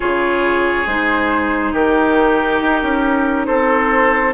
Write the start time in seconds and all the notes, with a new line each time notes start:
0.00 C#3 F4 G#4 C#5
0.86 G#3 D#4 C5
1.72 D#3 G4 A#4
2.61 D#4
2.82 C#4
3.46 C4 A4 C5